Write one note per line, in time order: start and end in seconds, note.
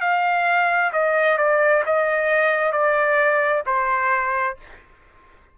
0.00 0.91 F5
0.93 1.38 D#5
1.38 1.83 D5
1.86 2.72 D#5
2.72 3.63 D5
3.66 4.57 C5